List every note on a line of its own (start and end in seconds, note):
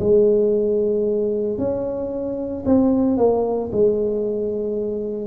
0.00 1.58 G#3
1.58 2.64 C#4
2.66 3.17 C4
3.17 3.70 A#3
3.72 5.27 G#3